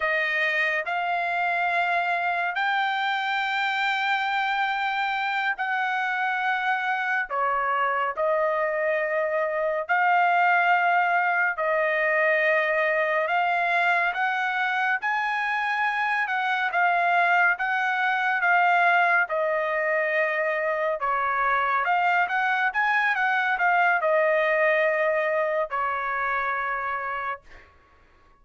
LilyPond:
\new Staff \with { instrumentName = "trumpet" } { \time 4/4 \tempo 4 = 70 dis''4 f''2 g''4~ | g''2~ g''8 fis''4.~ | fis''8 cis''4 dis''2 f''8~ | f''4. dis''2 f''8~ |
f''8 fis''4 gis''4. fis''8 f''8~ | f''8 fis''4 f''4 dis''4.~ | dis''8 cis''4 f''8 fis''8 gis''8 fis''8 f''8 | dis''2 cis''2 | }